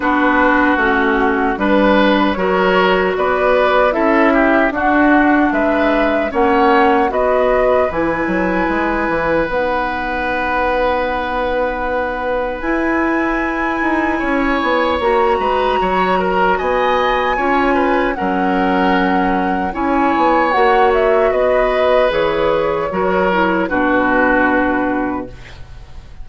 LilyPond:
<<
  \new Staff \with { instrumentName = "flute" } { \time 4/4 \tempo 4 = 76 b'4 fis'4 b'4 cis''4 | d''4 e''4 fis''4 e''4 | fis''4 dis''4 gis''2 | fis''1 |
gis''2. ais''4~ | ais''4 gis''2 fis''4~ | fis''4 gis''4 fis''8 e''8 dis''4 | cis''2 b'2 | }
  \new Staff \with { instrumentName = "oboe" } { \time 4/4 fis'2 b'4 ais'4 | b'4 a'8 g'8 fis'4 b'4 | cis''4 b'2.~ | b'1~ |
b'2 cis''4. b'8 | cis''8 ais'8 dis''4 cis''8 b'8 ais'4~ | ais'4 cis''2 b'4~ | b'4 ais'4 fis'2 | }
  \new Staff \with { instrumentName = "clarinet" } { \time 4/4 d'4 cis'4 d'4 fis'4~ | fis'4 e'4 d'2 | cis'4 fis'4 e'2 | dis'1 |
e'2. fis'4~ | fis'2 f'4 cis'4~ | cis'4 e'4 fis'2 | gis'4 fis'8 e'8 d'2 | }
  \new Staff \with { instrumentName = "bassoon" } { \time 4/4 b4 a4 g4 fis4 | b4 cis'4 d'4 gis4 | ais4 b4 e8 fis8 gis8 e8 | b1 |
e'4. dis'8 cis'8 b8 ais8 gis8 | fis4 b4 cis'4 fis4~ | fis4 cis'8 b8 ais4 b4 | e4 fis4 b,2 | }
>>